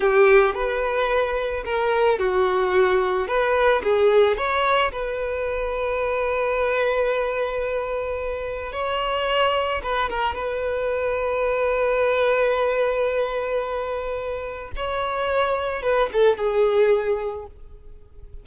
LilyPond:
\new Staff \with { instrumentName = "violin" } { \time 4/4 \tempo 4 = 110 g'4 b'2 ais'4 | fis'2 b'4 gis'4 | cis''4 b'2.~ | b'1 |
cis''2 b'8 ais'8 b'4~ | b'1~ | b'2. cis''4~ | cis''4 b'8 a'8 gis'2 | }